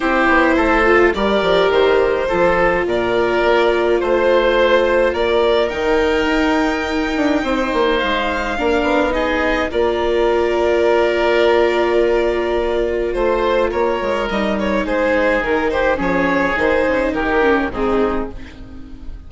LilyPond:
<<
  \new Staff \with { instrumentName = "violin" } { \time 4/4 \tempo 4 = 105 c''2 d''4 c''4~ | c''4 d''2 c''4~ | c''4 d''4 g''2~ | g''2 f''2 |
dis''4 d''2.~ | d''2. c''4 | cis''4 dis''8 cis''8 c''4 ais'8 c''8 | cis''4 c''4 ais'4 gis'4 | }
  \new Staff \with { instrumentName = "oboe" } { \time 4/4 g'4 a'4 ais'2 | a'4 ais'2 c''4~ | c''4 ais'2.~ | ais'4 c''2 ais'4 |
gis'4 ais'2.~ | ais'2. c''4 | ais'2 gis'4. g'8 | gis'2 g'4 dis'4 | }
  \new Staff \with { instrumentName = "viola" } { \time 4/4 e'4. f'8 g'2 | f'1~ | f'2 dis'2~ | dis'2. d'4 |
dis'4 f'2.~ | f'1~ | f'4 dis'2. | cis'4 dis'4. cis'8 c'4 | }
  \new Staff \with { instrumentName = "bassoon" } { \time 4/4 c'8 b8 a4 g8 f8 dis4 | f4 ais,4 ais4 a4~ | a4 ais4 dis4 dis'4~ | dis'8 d'8 c'8 ais8 gis4 ais8 b8~ |
b4 ais2.~ | ais2. a4 | ais8 gis8 g4 gis4 dis4 | f4 dis8 cis8 dis4 gis,4 | }
>>